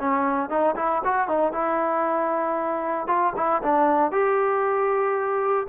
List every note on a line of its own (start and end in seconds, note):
0.00 0.50 C#4
0.50 0.76 D#4
0.77 1.03 E4
1.05 1.29 F#4
1.29 1.53 D#4
1.53 3.08 E4
3.08 3.34 F4
3.37 3.63 E4
3.63 4.12 D4
4.12 5.67 G4